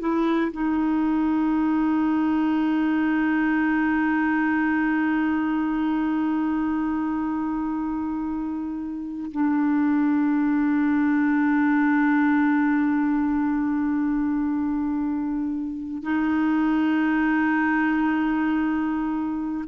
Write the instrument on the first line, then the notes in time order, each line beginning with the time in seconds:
clarinet
0.00 E4
0.52 D#4
9.32 D4
16.03 D#4